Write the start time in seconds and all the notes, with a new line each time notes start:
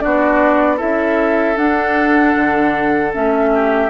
0.00 B3 D4 F#4 D5
0.77 C#4 E4 A4 E5
1.57 D4 F#5
2.36 D3
3.12 A3 C#4 E5
3.54 G4